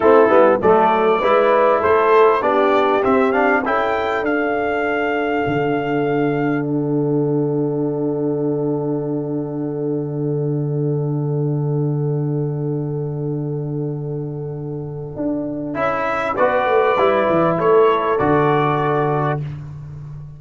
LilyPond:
<<
  \new Staff \with { instrumentName = "trumpet" } { \time 4/4 \tempo 4 = 99 a'4 d''2 c''4 | d''4 e''8 f''8 g''4 f''4~ | f''2. fis''4~ | fis''1~ |
fis''1~ | fis''1~ | fis''2 e''4 d''4~ | d''4 cis''4 d''2 | }
  \new Staff \with { instrumentName = "horn" } { \time 4/4 e'4 a'4 b'4 a'4 | g'2 a'2~ | a'1~ | a'1~ |
a'1~ | a'1~ | a'2. b'4~ | b'4 a'2. | }
  \new Staff \with { instrumentName = "trombone" } { \time 4/4 c'8 b8 a4 e'2 | d'4 c'8 d'8 e'4 d'4~ | d'1~ | d'1~ |
d'1~ | d'1~ | d'2 e'4 fis'4 | e'2 fis'2 | }
  \new Staff \with { instrumentName = "tuba" } { \time 4/4 a8 g8 fis4 gis4 a4 | b4 c'4 cis'4 d'4~ | d'4 d2.~ | d1~ |
d1~ | d1~ | d4 d'4 cis'4 b8 a8 | g8 e8 a4 d2 | }
>>